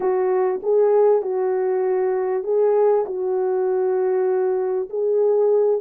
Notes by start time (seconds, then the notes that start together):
0.00 F#4
0.62 G#4
1.22 F#4
2.43 G#4
3.05 F#4
4.89 G#4